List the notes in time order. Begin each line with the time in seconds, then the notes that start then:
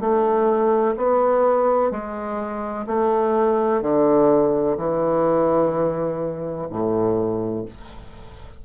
0.00 A3
0.96 B3
1.91 G#3
2.87 A3
3.81 D3
4.77 E3
6.70 A2